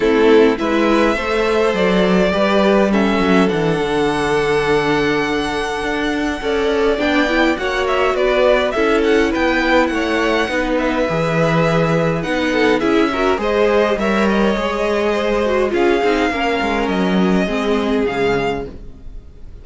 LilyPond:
<<
  \new Staff \with { instrumentName = "violin" } { \time 4/4 \tempo 4 = 103 a'4 e''2 d''4~ | d''4 e''4 fis''2~ | fis''1 | g''4 fis''8 e''8 d''4 e''8 fis''8 |
g''4 fis''4. e''4.~ | e''4 fis''4 e''4 dis''4 | e''8 dis''2~ dis''8 f''4~ | f''4 dis''2 f''4 | }
  \new Staff \with { instrumentName = "violin" } { \time 4/4 e'4 b'4 c''2 | b'4 a'2.~ | a'2. d''4~ | d''4 cis''4 b'4 a'4 |
b'4 cis''4 b'2~ | b'4. a'8 gis'8 ais'8 c''4 | cis''2 c''4 gis'4 | ais'2 gis'2 | }
  \new Staff \with { instrumentName = "viola" } { \time 4/4 c'4 e'4 a'2 | g'4 cis'4 d'2~ | d'2. a'4 | d'8 e'8 fis'2 e'4~ |
e'2 dis'4 gis'4~ | gis'4 dis'4 e'8 fis'8 gis'4 | ais'4 gis'4. fis'8 f'8 dis'8 | cis'2 c'4 gis4 | }
  \new Staff \with { instrumentName = "cello" } { \time 4/4 a4 gis4 a4 fis4 | g4. fis8 e8 d4.~ | d2 d'4 cis'4 | b4 ais4 b4 cis'4 |
b4 a4 b4 e4~ | e4 b4 cis'4 gis4 | g4 gis2 cis'8 c'8 | ais8 gis8 fis4 gis4 cis4 | }
>>